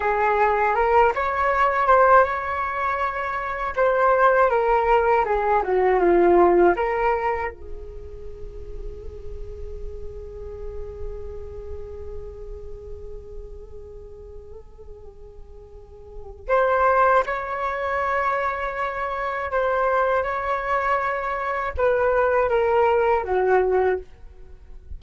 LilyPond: \new Staff \with { instrumentName = "flute" } { \time 4/4 \tempo 4 = 80 gis'4 ais'8 cis''4 c''8 cis''4~ | cis''4 c''4 ais'4 gis'8 fis'8 | f'4 ais'4 gis'2~ | gis'1~ |
gis'1~ | gis'2 c''4 cis''4~ | cis''2 c''4 cis''4~ | cis''4 b'4 ais'4 fis'4 | }